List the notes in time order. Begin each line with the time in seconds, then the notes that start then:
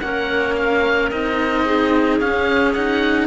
0.00 A#3 C#4 A#4 F#5
0.56 F5
1.10 C4 D#4 D#5
1.65 G#4
2.20 C#4 F5
2.73 D#4 F#5